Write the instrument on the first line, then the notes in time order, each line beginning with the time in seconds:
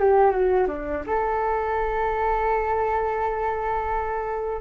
flute
0.00 G4
0.31 F#4
0.68 D4
1.07 A4